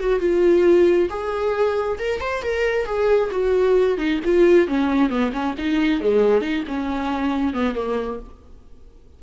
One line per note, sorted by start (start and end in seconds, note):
0.00 0.20 F#4
0.20 1.09 F4
1.10 1.99 G#4
1.99 2.21 A#4
2.21 2.43 C5
2.43 2.86 A#4
2.86 3.30 G#4
3.32 3.98 F#4
3.98 4.20 D#4
4.25 4.68 F4
4.68 5.10 C#4
5.10 5.32 B3
5.33 5.55 C#4
5.58 6.01 D#4
6.01 6.42 G#3
6.42 6.64 D#4
6.68 7.54 C#4
7.54 7.75 B3
7.75 8.20 A#3